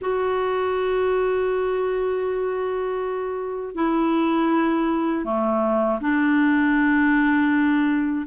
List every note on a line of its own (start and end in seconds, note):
0.01 3.74 F#4
3.74 5.24 E4
5.24 5.99 A3
6.00 8.25 D4